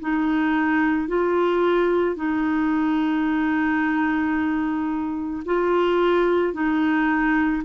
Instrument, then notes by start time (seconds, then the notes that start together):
clarinet
0.00 D#4
1.08 F4
2.16 D#4
5.45 F4
6.54 D#4